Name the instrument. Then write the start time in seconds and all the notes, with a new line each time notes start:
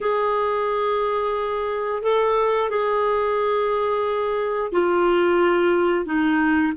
clarinet
0.00 G#4
2.02 A4
2.69 G#4
4.72 F4
6.05 D#4